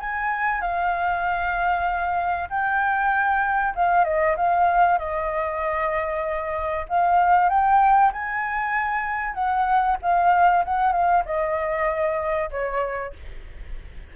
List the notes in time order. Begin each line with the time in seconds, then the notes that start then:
0.00 G#5
0.61 F5
2.50 G5
3.75 F5
4.05 D#5
4.37 F5
4.99 D#5
6.89 F5
7.49 G5
8.12 G#5
9.34 F#5
10.02 F5
10.65 F#5
10.92 F5
11.25 D#5
12.51 C#5